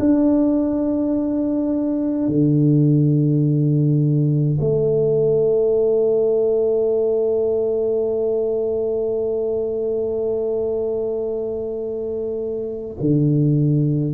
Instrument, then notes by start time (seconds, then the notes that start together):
tuba
0.00 D4
2.28 D3
4.60 A3
13.00 D3